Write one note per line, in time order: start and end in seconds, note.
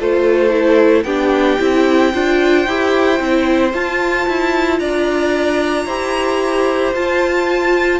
0.00 1.04 A3
0.00 0.50 F4
0.00 1.05 A4
0.00 1.03 C5
0.50 1.04 E4
1.03 1.58 B3
1.03 1.59 D4
1.03 2.12 G4
1.03 3.71 G5
1.59 2.14 C4
1.59 2.13 E4
2.13 2.67 D4
2.13 2.67 F4
2.13 4.80 C5
2.67 3.20 E4
2.67 3.17 G4
3.17 3.74 C4
3.17 3.71 E4
3.74 4.27 F4
3.74 5.88 F4
3.74 4.79 A5
4.28 4.80 E4
4.79 5.86 D4
4.79 5.86 D5
4.79 6.94 A#5
5.86 6.93 E4
5.86 6.95 G4
5.86 8.00 C5
6.94 8.00 F4
6.94 8.00 A5